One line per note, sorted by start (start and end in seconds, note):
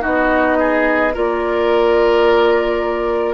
0.00 1.16 B3
0.00 1.11 D#4
0.00 0.58 F#4
0.00 1.15 D#5
0.60 1.14 G#4
1.14 3.34 A#3
1.14 3.34 F4
1.14 3.34 A#4
1.14 3.34 D5